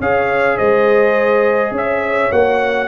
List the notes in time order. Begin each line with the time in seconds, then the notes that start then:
0.00 C#4 G#4 C#5 F5
0.56 G#3 C5 D#5
1.71 C#4 C#5
1.77 E5
2.32 A#3 F#4 F#5